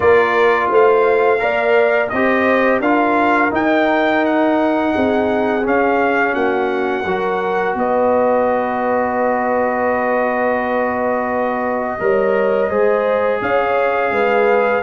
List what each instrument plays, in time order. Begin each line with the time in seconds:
0.00 tuba A#3, trombone F4, horn A#4, trumpet D5
0.69 tuba A3, horn C5, trumpet F5
1.39 tuba A#3, trombone A#4, horn D5
2.09 tuba C4, trombone G4, horn C5, trumpet D#5
2.80 tuba D4, trombone F4, horn A#4, trumpet F5
3.50 trombone D#4, tuba D#4, trumpet G5
4.25 trumpet F#5
4.93 tuba C4, horn G#4
5.63 trombone C#4, tuba C#4, trumpet F5
6.33 tuba A#3, horn F#4, trumpet F#5
7.04 tuba F#3, trombone F#4, horn A#4
7.74 tuba B3, horn B4, trumpet D#5
11.99 tuba G3, trombone A#4, horn C#5
12.69 tuba G#3, trombone G#4, horn C5
13.41 tuba C#4, horn C#5, trumpet F5
14.11 tuba G#3, horn B4